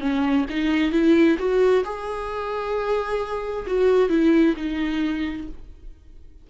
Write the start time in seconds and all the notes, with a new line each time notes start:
0.00 C#4
0.50 D#4
0.92 E4
1.38 F#4
1.84 G#4
3.67 F#4
4.09 E4
4.57 D#4